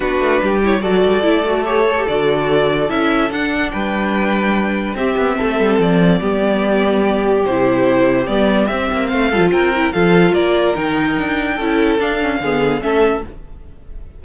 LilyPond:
<<
  \new Staff \with { instrumentName = "violin" } { \time 4/4 \tempo 4 = 145 b'4. cis''8 d''2 | cis''4 d''2 e''4 | fis''4 g''2. | e''2 d''2~ |
d''2 c''2 | d''4 e''4 f''4 g''4 | f''4 d''4 g''2~ | g''4 f''2 e''4 | }
  \new Staff \with { instrumentName = "violin" } { \time 4/4 fis'4 g'4 a'2~ | a'1~ | a'4 b'2. | g'4 a'2 g'4~ |
g'1~ | g'2 c''8 a'8 ais'4 | a'4 ais'2. | a'2 gis'4 a'4 | }
  \new Staff \with { instrumentName = "viola" } { \time 4/4 d'4. e'8 fis'4 e'8 fis'8 | g'8 a'16 g'16 fis'2 e'4 | d'1 | c'2. b4~ |
b2 e'2 | b4 c'4. f'4 e'8 | f'2 dis'2 | e'4 d'8 cis'8 b4 cis'4 | }
  \new Staff \with { instrumentName = "cello" } { \time 4/4 b8 a8 g4 fis8 g8 a4~ | a4 d2 cis'4 | d'4 g2. | c'8 b8 a8 g8 f4 g4~ |
g2 c2 | g4 c'8 ais8 a8 g16 f16 c'4 | f4 ais4 dis4 d'4 | cis'4 d'4 d4 a4 | }
>>